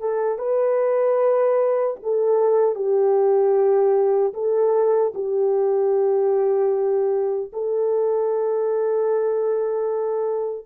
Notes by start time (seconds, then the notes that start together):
0.00 A4
0.38 B4
2.03 A4
2.75 G4
4.34 A4
5.15 G4
7.53 A4